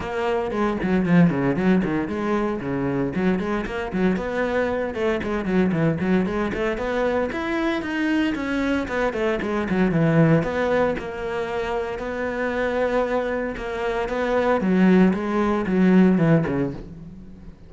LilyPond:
\new Staff \with { instrumentName = "cello" } { \time 4/4 \tempo 4 = 115 ais4 gis8 fis8 f8 cis8 fis8 dis8 | gis4 cis4 fis8 gis8 ais8 fis8 | b4. a8 gis8 fis8 e8 fis8 | gis8 a8 b4 e'4 dis'4 |
cis'4 b8 a8 gis8 fis8 e4 | b4 ais2 b4~ | b2 ais4 b4 | fis4 gis4 fis4 e8 cis8 | }